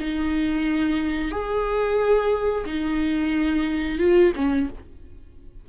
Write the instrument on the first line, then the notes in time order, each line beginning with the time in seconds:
viola
0.00 D#4
1.31 G#4
2.66 D#4
3.99 F4
4.35 C#4